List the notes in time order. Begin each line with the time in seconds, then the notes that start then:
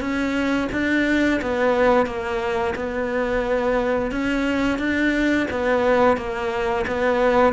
0.00 C#4
0.72 D4
1.41 B3
2.06 A#3
2.75 B3
4.11 C#4
4.79 D4
5.50 B3
6.17 A#3
6.87 B3